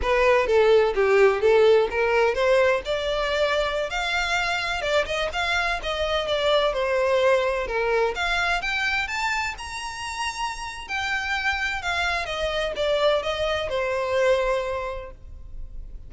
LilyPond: \new Staff \with { instrumentName = "violin" } { \time 4/4 \tempo 4 = 127 b'4 a'4 g'4 a'4 | ais'4 c''4 d''2~ | d''16 f''2 d''8 dis''8 f''8.~ | f''16 dis''4 d''4 c''4.~ c''16~ |
c''16 ais'4 f''4 g''4 a''8.~ | a''16 ais''2~ ais''8. g''4~ | g''4 f''4 dis''4 d''4 | dis''4 c''2. | }